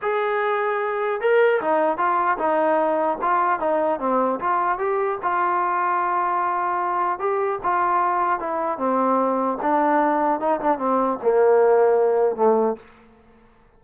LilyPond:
\new Staff \with { instrumentName = "trombone" } { \time 4/4 \tempo 4 = 150 gis'2. ais'4 | dis'4 f'4 dis'2 | f'4 dis'4 c'4 f'4 | g'4 f'2.~ |
f'2 g'4 f'4~ | f'4 e'4 c'2 | d'2 dis'8 d'8 c'4 | ais2. a4 | }